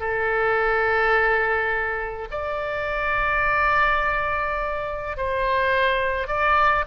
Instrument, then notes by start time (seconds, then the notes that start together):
oboe
0.00 A4
2.31 D5
5.17 C5
6.28 D5